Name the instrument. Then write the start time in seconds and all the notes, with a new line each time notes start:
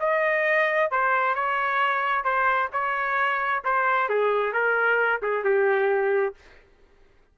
trumpet
0.00 D#5
0.91 C5
1.35 C#5
2.24 C5
2.73 C#5
3.64 C5
4.09 G#4
4.53 A#4
5.22 G#4
5.44 G4